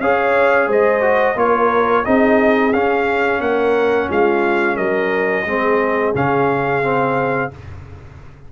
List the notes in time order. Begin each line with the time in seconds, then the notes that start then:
0.00 C#4 G#4 C#5 F5
0.68 G#3 C5 D#5
1.01 F#4
1.36 A#3 F4 A#4 C#5
2.05 C4 D#4 G#4 D#5
2.73 C#4 F5
3.41 A#3 A#4 F#5
4.09 G#3 F4 F5
4.76 F#3 A#4 D#5
5.46 G#3 C4 G#4
6.15 C#3 C#4 F5
6.83 C4